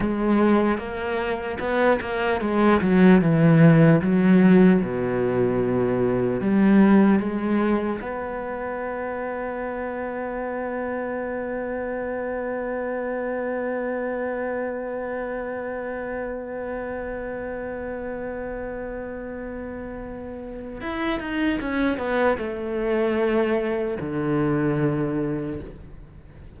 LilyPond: \new Staff \with { instrumentName = "cello" } { \time 4/4 \tempo 4 = 75 gis4 ais4 b8 ais8 gis8 fis8 | e4 fis4 b,2 | g4 gis4 b2~ | b1~ |
b1~ | b1~ | b2 e'8 dis'8 cis'8 b8 | a2 d2 | }